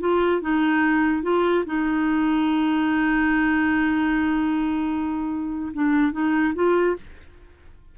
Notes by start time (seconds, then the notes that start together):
0.00 F4
0.41 D#4
1.23 F4
1.66 D#4
5.73 D4
6.12 D#4
6.55 F4